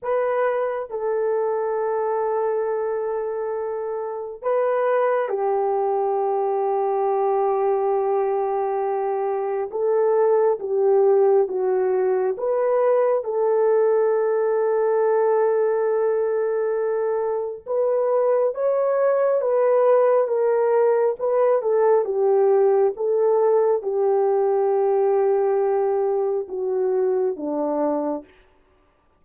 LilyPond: \new Staff \with { instrumentName = "horn" } { \time 4/4 \tempo 4 = 68 b'4 a'2.~ | a'4 b'4 g'2~ | g'2. a'4 | g'4 fis'4 b'4 a'4~ |
a'1 | b'4 cis''4 b'4 ais'4 | b'8 a'8 g'4 a'4 g'4~ | g'2 fis'4 d'4 | }